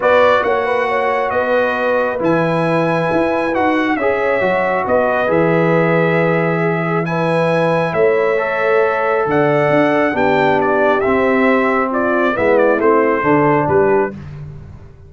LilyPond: <<
  \new Staff \with { instrumentName = "trumpet" } { \time 4/4 \tempo 4 = 136 d''4 fis''2 dis''4~ | dis''4 gis''2. | fis''4 e''2 dis''4 | e''1 |
gis''2 e''2~ | e''4 fis''2 g''4 | d''4 e''2 d''4 | e''8 d''8 c''2 b'4 | }
  \new Staff \with { instrumentName = "horn" } { \time 4/4 b'4 cis''8 b'8 cis''4 b'4~ | b'1~ | b'4 cis''2 b'4~ | b'2. gis'4 |
b'2 cis''2~ | cis''4 d''2 g'4~ | g'2. f'4 | e'2 a'4 g'4 | }
  \new Staff \with { instrumentName = "trombone" } { \time 4/4 fis'1~ | fis'4 e'2. | fis'4 gis'4 fis'2 | gis'1 |
e'2. a'4~ | a'2. d'4~ | d'4 c'2. | b4 c'4 d'2 | }
  \new Staff \with { instrumentName = "tuba" } { \time 4/4 b4 ais2 b4~ | b4 e2 e'4 | dis'4 cis'4 fis4 b4 | e1~ |
e2 a2~ | a4 d4 d'4 b4~ | b4 c'2. | gis4 a4 d4 g4 | }
>>